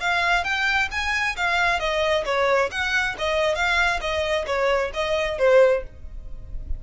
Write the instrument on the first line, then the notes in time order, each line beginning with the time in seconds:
violin
0.00 F5
0.44 G5
0.91 G#5
1.36 F5
1.79 D#5
2.25 C#5
2.71 F#5
3.18 D#5
3.55 F5
4.00 D#5
4.46 C#5
4.93 D#5
5.38 C5